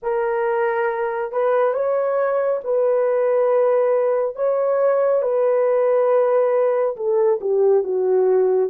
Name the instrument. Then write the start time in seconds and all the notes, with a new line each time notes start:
horn
0.02 A#4
1.32 B4
1.73 C#5
2.63 B4
4.35 C#5
5.22 B4
6.96 A4
7.41 G4
7.83 F#4